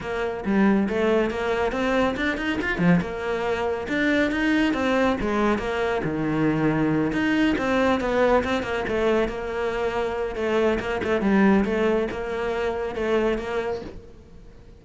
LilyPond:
\new Staff \with { instrumentName = "cello" } { \time 4/4 \tempo 4 = 139 ais4 g4 a4 ais4 | c'4 d'8 dis'8 f'8 f8 ais4~ | ais4 d'4 dis'4 c'4 | gis4 ais4 dis2~ |
dis8 dis'4 c'4 b4 c'8 | ais8 a4 ais2~ ais8 | a4 ais8 a8 g4 a4 | ais2 a4 ais4 | }